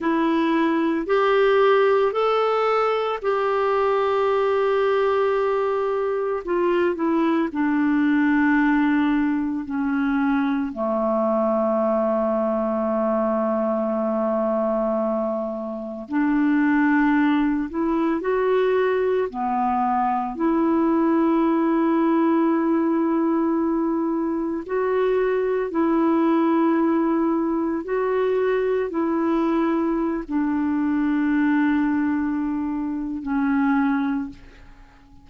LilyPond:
\new Staff \with { instrumentName = "clarinet" } { \time 4/4 \tempo 4 = 56 e'4 g'4 a'4 g'4~ | g'2 f'8 e'8 d'4~ | d'4 cis'4 a2~ | a2. d'4~ |
d'8 e'8 fis'4 b4 e'4~ | e'2. fis'4 | e'2 fis'4 e'4~ | e'16 d'2~ d'8. cis'4 | }